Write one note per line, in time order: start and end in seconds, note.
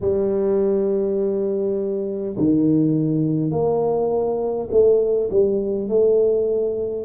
0.00 2.35 G3
2.37 3.51 D#3
3.51 4.68 A#3
4.71 5.29 A3
5.30 5.88 G3
5.88 7.05 A3